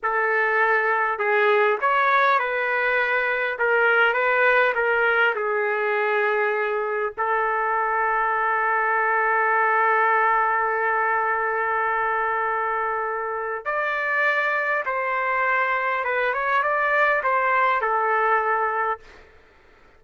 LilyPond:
\new Staff \with { instrumentName = "trumpet" } { \time 4/4 \tempo 4 = 101 a'2 gis'4 cis''4 | b'2 ais'4 b'4 | ais'4 gis'2. | a'1~ |
a'1~ | a'2. d''4~ | d''4 c''2 b'8 cis''8 | d''4 c''4 a'2 | }